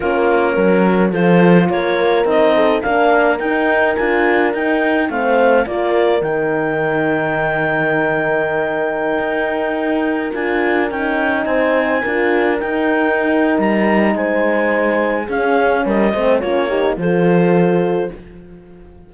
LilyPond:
<<
  \new Staff \with { instrumentName = "clarinet" } { \time 4/4 \tempo 4 = 106 ais'2 c''4 cis''4 | dis''4 f''4 g''4 gis''4 | g''4 f''4 d''4 g''4~ | g''1~ |
g''2~ g''16 gis''4 g''8.~ | g''16 gis''2 g''4.~ g''16 | ais''4 gis''2 f''4 | dis''4 cis''4 c''2 | }
  \new Staff \with { instrumentName = "horn" } { \time 4/4 f'4 ais'4 a'4 ais'4~ | ais'8 a'8 ais'2.~ | ais'4 c''4 ais'2~ | ais'1~ |
ais'1~ | ais'16 c''4 ais'2~ ais'8.~ | ais'4 c''2 gis'4 | ais'8 c''8 f'8 g'8 a'2 | }
  \new Staff \with { instrumentName = "horn" } { \time 4/4 cis'2 f'2 | dis'4 d'4 dis'4 f'4 | dis'4 c'4 f'4 dis'4~ | dis'1~ |
dis'2~ dis'16 f'4 dis'8.~ | dis'4~ dis'16 f'4 dis'4.~ dis'16~ | dis'2. cis'4~ | cis'8 c'8 cis'8 dis'8 f'2 | }
  \new Staff \with { instrumentName = "cello" } { \time 4/4 ais4 fis4 f4 ais4 | c'4 ais4 dis'4 d'4 | dis'4 a4 ais4 dis4~ | dis1~ |
dis16 dis'2 d'4 cis'8.~ | cis'16 c'4 d'4 dis'4.~ dis'16 | g4 gis2 cis'4 | g8 a8 ais4 f2 | }
>>